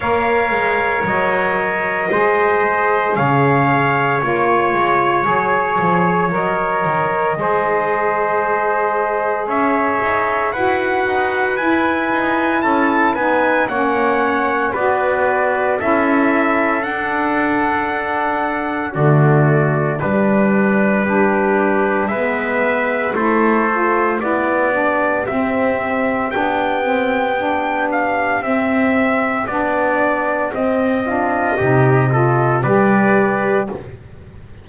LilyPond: <<
  \new Staff \with { instrumentName = "trumpet" } { \time 4/4 \tempo 4 = 57 f''4 dis''2 f''4 | cis''2 dis''2~ | dis''4 e''4 fis''4 gis''4 | a''8 gis''8 fis''4 d''4 e''4 |
fis''2 d''4 b'4~ | b'4 e''4 c''4 d''4 | e''4 g''4. f''8 e''4 | d''4 dis''2 d''4 | }
  \new Staff \with { instrumentName = "trumpet" } { \time 4/4 cis''2 c''4 cis''4~ | cis''2. c''4~ | c''4 cis''4 b'2 | a'8 b'8 cis''4 b'4 a'4~ |
a'2 fis'4 d'4 | g'4 b'4 a'4 g'4~ | g'1~ | g'4. f'8 g'8 a'8 b'4 | }
  \new Staff \with { instrumentName = "saxophone" } { \time 4/4 ais'2 gis'2 | f'4 gis'4 ais'4 gis'4~ | gis'2 fis'4 e'4~ | e'8 dis'8 cis'4 fis'4 e'4 |
d'2 a4 g4 | d'4 b4 e'8 f'8 e'8 d'8 | c'4 d'8 c'8 d'4 c'4 | d'4 c'8 d'8 dis'8 f'8 g'4 | }
  \new Staff \with { instrumentName = "double bass" } { \time 4/4 ais8 gis8 fis4 gis4 cis4 | ais8 gis8 fis8 f8 fis8 dis8 gis4~ | gis4 cis'8 dis'8 e'8 dis'8 e'8 dis'8 | cis'8 b8 ais4 b4 cis'4 |
d'2 d4 g4~ | g4 gis4 a4 b4 | c'4 b2 c'4 | b4 c'4 c4 g4 | }
>>